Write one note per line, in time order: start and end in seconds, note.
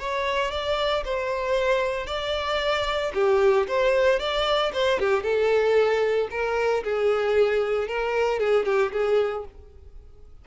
0.00 0.51 C#5
0.51 1.04 D5
1.05 2.07 C5
2.07 3.12 D5
3.15 3.67 G4
3.68 4.20 C5
4.20 4.72 D5
4.73 5.00 C5
5.00 5.23 G4
5.23 6.28 A4
6.31 6.83 A#4
6.84 7.88 G#4
7.88 8.40 A#4
8.40 8.66 G#4
8.66 8.92 G4
8.93 9.45 G#4